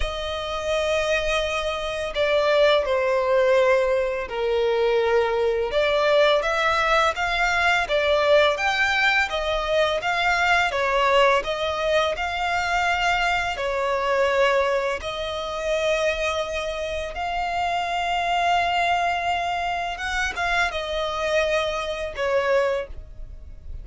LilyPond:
\new Staff \with { instrumentName = "violin" } { \time 4/4 \tempo 4 = 84 dis''2. d''4 | c''2 ais'2 | d''4 e''4 f''4 d''4 | g''4 dis''4 f''4 cis''4 |
dis''4 f''2 cis''4~ | cis''4 dis''2. | f''1 | fis''8 f''8 dis''2 cis''4 | }